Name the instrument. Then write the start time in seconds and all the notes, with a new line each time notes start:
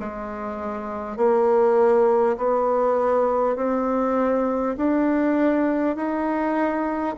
bassoon
0.00 G#3
1.17 A#3
2.38 B3
3.57 C4
4.77 D4
5.96 D#4